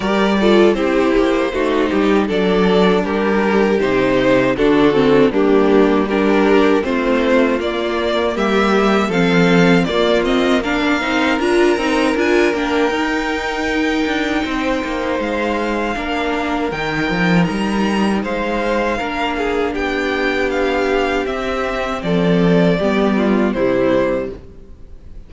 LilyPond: <<
  \new Staff \with { instrumentName = "violin" } { \time 4/4 \tempo 4 = 79 d''4 c''2 d''4 | ais'4 c''4 a'4 g'4 | ais'4 c''4 d''4 e''4 | f''4 d''8 dis''8 f''4 ais''4 |
gis''8 g''2.~ g''8 | f''2 g''4 ais''4 | f''2 g''4 f''4 | e''4 d''2 c''4 | }
  \new Staff \with { instrumentName = "violin" } { \time 4/4 ais'8 a'8 g'4 fis'8 g'8 a'4 | g'2 fis'4 d'4 | g'4 f'2 g'4 | a'4 f'4 ais'2~ |
ais'2. c''4~ | c''4 ais'2. | c''4 ais'8 gis'8 g'2~ | g'4 a'4 g'8 f'8 e'4 | }
  \new Staff \with { instrumentName = "viola" } { \time 4/4 g'8 f'8 e'4 dis'4 d'4~ | d'4 dis'4 d'8 c'8 ais4 | d'4 c'4 ais2 | c'4 ais8 c'8 d'8 dis'8 f'8 dis'8 |
f'8 d'8 dis'2.~ | dis'4 d'4 dis'2~ | dis'4 d'2. | c'2 b4 g4 | }
  \new Staff \with { instrumentName = "cello" } { \time 4/4 g4 c'8 ais8 a8 g8 fis4 | g4 c4 d4 g4~ | g4 a4 ais4 g4 | f4 ais4. c'8 d'8 c'8 |
d'8 ais8 dis'4. d'8 c'8 ais8 | gis4 ais4 dis8 f8 g4 | gis4 ais4 b2 | c'4 f4 g4 c4 | }
>>